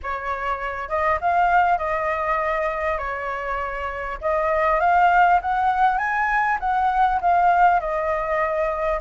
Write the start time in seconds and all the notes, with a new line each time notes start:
0.02 C#5
0.88 D#5
1.20 F5
1.78 D#5
2.98 C#5
4.21 D#5
4.80 F5
5.41 F#5
5.98 G#5
6.59 F#5
7.21 F5
7.80 D#5